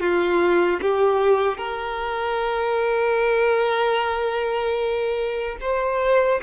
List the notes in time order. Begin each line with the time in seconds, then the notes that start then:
0.00 F4
0.81 G4
1.57 A#4
5.61 C5